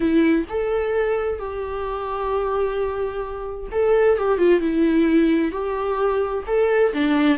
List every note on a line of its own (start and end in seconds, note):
0.00 0.45 E4
0.49 1.39 A4
1.39 3.70 G4
3.71 4.17 A4
4.17 4.38 G4
4.38 4.60 F4
4.60 5.51 E4
5.51 6.44 G4
6.46 6.93 A4
6.93 7.38 D4